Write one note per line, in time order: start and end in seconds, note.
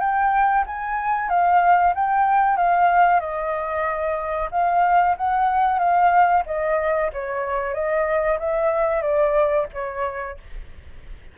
0.00 0.65 G5
0.67 1.29 G#5
1.29 1.94 F5
1.95 2.57 G5
2.57 3.20 F5
3.20 4.49 D#5
4.52 5.16 F5
5.18 5.79 F#5
5.79 6.43 F5
6.46 7.11 D#5
7.13 7.74 C#5
7.74 8.39 D#5
8.40 9.02 E5
9.02 9.67 D5
9.73 10.38 C#5